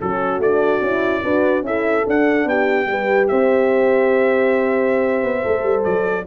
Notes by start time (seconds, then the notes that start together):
0.00 F#3 C#4 F#4 A4
0.39 A3 D4 D5
0.81 C#4 E4
1.23 D4 F#4 B4
1.62 C#4 E4 A4 E5
2.06 D4 F#5
2.45 B3 G4 G5
2.86 G3 G4 B4
3.28 C4 C5 E5
5.23 B3
5.42 A3 A4
5.63 G3
5.84 F#3 D5